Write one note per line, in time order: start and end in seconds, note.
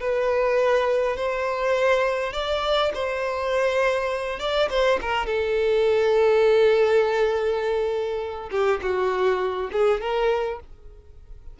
0.00 1.16 B4
1.16 2.33 C5
2.33 2.91 D5
2.94 4.39 C5
4.39 4.69 D5
4.70 4.99 C5
5.01 5.26 A#4
5.26 8.49 A4
8.51 8.80 G4
8.82 9.70 F#4
9.72 10.01 G#4
10.01 10.60 A#4